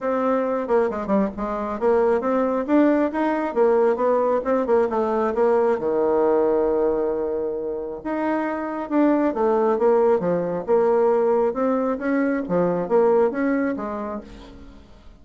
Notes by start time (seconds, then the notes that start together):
0.01 C4
0.67 A#3
0.90 G#3
1.06 G3
1.37 G#3
1.79 A#3
2.20 C4
2.66 D4
3.12 D#4
3.54 A#3
3.96 B3
4.44 C4
4.66 A#3
4.89 A3
5.34 A#3
5.78 D#3
8.04 D#4
8.89 D4
9.33 A3
9.78 A#3
10.19 F3
10.66 A#3
11.53 C4
11.98 C#4
12.48 F3
12.88 A#3
13.30 C#4
13.76 G#3